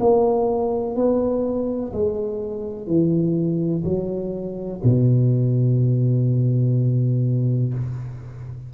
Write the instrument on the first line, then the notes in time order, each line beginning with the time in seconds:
tuba
0.00 A#3
0.95 B3
1.93 G#3
2.86 E3
3.84 F#3
4.83 B2